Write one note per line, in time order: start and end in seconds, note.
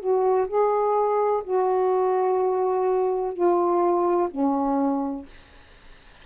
0.00 0.48 F#4
0.48 1.43 G#4
1.45 3.34 F#4
3.34 4.29 F4
4.31 5.26 C#4